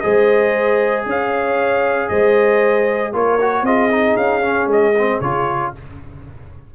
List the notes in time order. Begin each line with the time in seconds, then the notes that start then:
0.00 G#3 G#4 C5 D#5
1.06 C#4 C#5 F5
2.08 G#3 C5 D#5
3.13 A#3 F4 A#4 C#5
3.41 F#4
3.62 C4 F4 G#4 D#5
3.90 D#4
4.16 C#4 F5
4.42 C#4
4.67 G#3 D#5
4.98 C4
5.21 C#3 F4 C#5